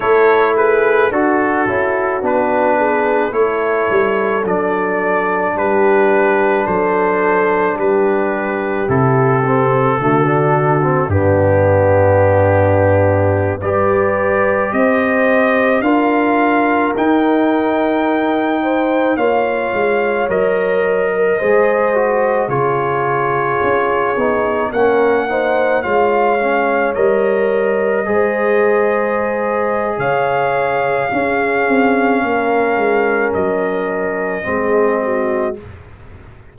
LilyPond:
<<
  \new Staff \with { instrumentName = "trumpet" } { \time 4/4 \tempo 4 = 54 cis''8 b'8 a'4 b'4 cis''4 | d''4 b'4 c''4 b'4 | a'2 g'2~ | g'16 d''4 dis''4 f''4 g''8.~ |
g''4~ g''16 f''4 dis''4.~ dis''16~ | dis''16 cis''2 fis''4 f''8.~ | f''16 dis''2~ dis''8. f''4~ | f''2 dis''2 | }
  \new Staff \with { instrumentName = "horn" } { \time 4/4 a'8 gis'8 fis'4. gis'8 a'4~ | a'4 g'4 a'4 g'4~ | g'4 fis'4 d'2~ | d'16 b'4 c''4 ais'4.~ ais'16~ |
ais'8. c''8 cis''4.~ cis''16 ais'16 c''8.~ | c''16 gis'2 ais'8 c''8 cis''8.~ | cis''4~ cis''16 c''4.~ c''16 cis''4 | gis'4 ais'2 gis'8 fis'8 | }
  \new Staff \with { instrumentName = "trombone" } { \time 4/4 e'4 fis'8 e'8 d'4 e'4 | d'1 | e'8 c'8 a16 d'8 c'16 b2~ | b16 g'2 f'4 dis'8.~ |
dis'4~ dis'16 f'4 ais'4 gis'8 fis'16~ | fis'16 f'4. dis'8 cis'8 dis'8 f'8 cis'16~ | cis'16 ais'4 gis'2~ gis'8. | cis'2. c'4 | }
  \new Staff \with { instrumentName = "tuba" } { \time 4/4 a4 d'8 cis'8 b4 a8 g8 | fis4 g4 fis4 g4 | c4 d4 g,2~ | g,16 g4 c'4 d'4 dis'8.~ |
dis'4~ dis'16 ais8 gis8 fis4 gis8.~ | gis16 cis4 cis'8 b8 ais4 gis8.~ | gis16 g4 gis4.~ gis16 cis4 | cis'8 c'8 ais8 gis8 fis4 gis4 | }
>>